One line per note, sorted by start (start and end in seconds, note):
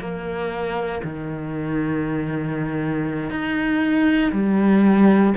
0.00 1.02 A#3
1.04 3.30 D#3
3.30 4.32 D#4
4.32 5.33 G3